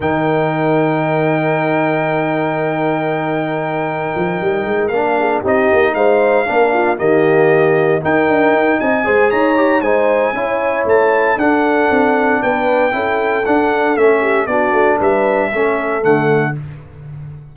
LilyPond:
<<
  \new Staff \with { instrumentName = "trumpet" } { \time 4/4 \tempo 4 = 116 g''1~ | g''1~ | g''4. f''4 dis''4 f''8~ | f''4. dis''2 g''8~ |
g''4 gis''4 ais''4 gis''4~ | gis''4 a''4 fis''2 | g''2 fis''4 e''4 | d''4 e''2 fis''4 | }
  \new Staff \with { instrumentName = "horn" } { \time 4/4 ais'1~ | ais'1~ | ais'2 gis'8 g'4 c''8~ | c''8 ais'8 f'8 g'2 ais'8~ |
ais'4 dis''8 c''8 cis''4 c''4 | cis''2 a'2 | b'4 a'2~ a'8 g'8 | fis'4 b'4 a'2 | }
  \new Staff \with { instrumentName = "trombone" } { \time 4/4 dis'1~ | dis'1~ | dis'4. d'4 dis'4.~ | dis'8 d'4 ais2 dis'8~ |
dis'4. gis'4 g'8 dis'4 | e'2 d'2~ | d'4 e'4 d'4 cis'4 | d'2 cis'4 a4 | }
  \new Staff \with { instrumentName = "tuba" } { \time 4/4 dis1~ | dis1 | f8 g8 gis8 ais4 c'8 ais8 gis8~ | gis8 ais4 dis2 dis'8 |
d'8 dis'8 c'8 gis8 dis'4 gis4 | cis'4 a4 d'4 c'4 | b4 cis'4 d'4 a4 | b8 a8 g4 a4 d4 | }
>>